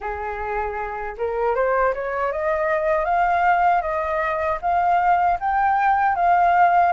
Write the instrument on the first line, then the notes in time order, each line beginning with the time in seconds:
flute
0.00 G#4
1.17 A#4
1.55 C5
1.93 C#5
2.31 D#5
3.05 F5
3.81 D#5
4.61 F5
5.40 G5
6.15 F5